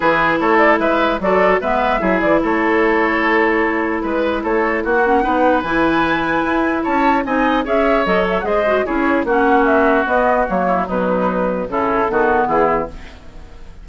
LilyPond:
<<
  \new Staff \with { instrumentName = "flute" } { \time 4/4 \tempo 4 = 149 b'4 cis''8 d''8 e''4 d''4 | e''4. d''8 cis''2~ | cis''2 b'4 cis''4 | fis''2 gis''2~ |
gis''4 a''4 gis''4 e''4 | dis''8 e''16 fis''16 dis''4 cis''4 fis''4 | e''4 dis''4 cis''4 b'4~ | b'4 a'2 gis'4 | }
  \new Staff \with { instrumentName = "oboe" } { \time 4/4 gis'4 a'4 b'4 a'4 | b'4 gis'4 a'2~ | a'2 b'4 a'4 | fis'4 b'2.~ |
b'4 cis''4 dis''4 cis''4~ | cis''4 c''4 gis'4 fis'4~ | fis'2~ fis'8 e'8 dis'4~ | dis'4 e'4 fis'4 e'4 | }
  \new Staff \with { instrumentName = "clarinet" } { \time 4/4 e'2. fis'4 | b4 e'2.~ | e'1~ | e'8 cis'8 dis'4 e'2~ |
e'2 dis'4 gis'4 | a'4 gis'8 fis'8 e'4 cis'4~ | cis'4 b4 ais4 fis4~ | fis4 cis'4 b2 | }
  \new Staff \with { instrumentName = "bassoon" } { \time 4/4 e4 a4 gis4 fis4 | gis4 fis8 e8 a2~ | a2 gis4 a4 | ais4 b4 e2 |
e'4 cis'4 c'4 cis'4 | fis4 gis4 cis'4 ais4~ | ais4 b4 fis4 b,4~ | b,4 cis4 dis4 e4 | }
>>